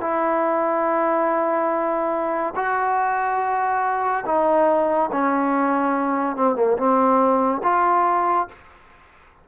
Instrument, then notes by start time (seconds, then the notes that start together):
trombone
0.00 E4
2.55 F#4
4.25 D#4
5.12 C#4
6.36 C4
6.55 A#3
6.77 C4
7.63 F4